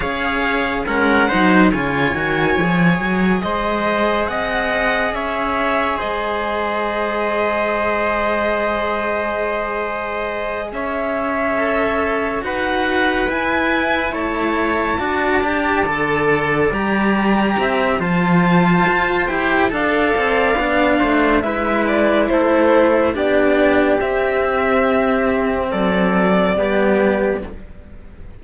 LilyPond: <<
  \new Staff \with { instrumentName = "violin" } { \time 4/4 \tempo 4 = 70 f''4 fis''4 gis''2 | dis''4 fis''4 e''4 dis''4~ | dis''1~ | dis''8 e''2 fis''4 gis''8~ |
gis''8 a''2. ais''8~ | ais''4 a''4. g''8 f''4~ | f''4 e''8 d''8 c''4 d''4 | e''2 d''2 | }
  \new Staff \with { instrumentName = "trumpet" } { \time 4/4 cis''4 ais'8 c''8 cis''2 | c''4 dis''4 cis''4 c''4~ | c''1~ | c''8 cis''2 b'4.~ |
b'8 cis''4 d''2~ d''8~ | d''8 e''8 c''2 d''4~ | d''8 c''8 b'4 a'4 g'4~ | g'2 a'4 g'4 | }
  \new Staff \with { instrumentName = "cello" } { \time 4/4 gis'4 cis'8 dis'8 f'8 fis'8 gis'4~ | gis'1~ | gis'1~ | gis'4. a'4 fis'4 e'8~ |
e'4. fis'8 g'8 a'4 g'8~ | g'4 f'4. g'8 a'4 | d'4 e'2 d'4 | c'2. b4 | }
  \new Staff \with { instrumentName = "cello" } { \time 4/4 cis'4 gis8 fis8 cis8 dis8 f8 fis8 | gis4 c'4 cis'4 gis4~ | gis1~ | gis8 cis'2 dis'4 e'8~ |
e'8 a4 d'4 d4 g8~ | g8 c'8 f4 f'8 e'8 d'8 c'8 | b8 a8 gis4 a4 b4 | c'2 fis4 g4 | }
>>